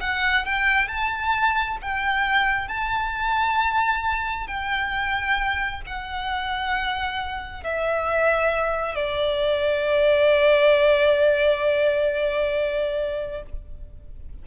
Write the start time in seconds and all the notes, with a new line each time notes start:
0.00 F#5
0.45 G5
0.88 A5
1.81 G5
2.68 A5
4.47 G5
5.86 F#5
7.63 E5
8.95 D5